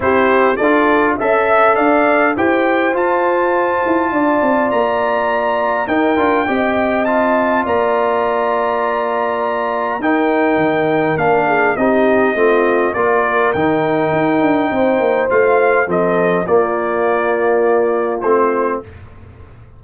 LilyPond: <<
  \new Staff \with { instrumentName = "trumpet" } { \time 4/4 \tempo 4 = 102 c''4 d''4 e''4 f''4 | g''4 a''2. | ais''2 g''2 | a''4 ais''2.~ |
ais''4 g''2 f''4 | dis''2 d''4 g''4~ | g''2 f''4 dis''4 | d''2. c''4 | }
  \new Staff \with { instrumentName = "horn" } { \time 4/4 g'4 a'4 e''4 d''4 | c''2. d''4~ | d''2 ais'4 dis''4~ | dis''4 d''2.~ |
d''4 ais'2~ ais'8 gis'8 | g'4 f'4 ais'2~ | ais'4 c''2 a'4 | f'1 | }
  \new Staff \with { instrumentName = "trombone" } { \time 4/4 e'4 f'4 a'2 | g'4 f'2.~ | f'2 dis'8 f'8 g'4 | f'1~ |
f'4 dis'2 d'4 | dis'4 c'4 f'4 dis'4~ | dis'2 f'4 c'4 | ais2. c'4 | }
  \new Staff \with { instrumentName = "tuba" } { \time 4/4 c'4 d'4 cis'4 d'4 | e'4 f'4. e'8 d'8 c'8 | ais2 dis'8 d'8 c'4~ | c'4 ais2.~ |
ais4 dis'4 dis4 ais4 | c'4 a4 ais4 dis4 | dis'8 d'8 c'8 ais8 a4 f4 | ais2. a4 | }
>>